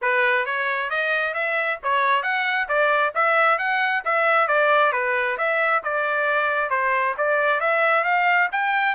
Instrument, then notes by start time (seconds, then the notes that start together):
trumpet
0.01 B4
0.45 C#5
0.90 D#5
1.34 E5
1.83 C#5
2.23 F#5
2.68 D5
3.14 E5
3.58 F#5
4.04 E5
4.47 D5
4.92 B4
5.37 E5
5.83 D5
6.70 C5
7.17 D5
7.60 E5
8.04 F5
8.52 G5